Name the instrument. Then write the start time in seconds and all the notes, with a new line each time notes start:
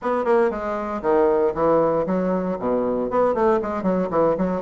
bassoon
0.01 B3
0.24 A#3
0.50 G#3
1.02 D#3
1.54 E3
2.06 F#3
2.59 B2
3.10 B3
3.34 A3
3.62 G#3
3.82 F#3
4.10 E3
4.37 F#3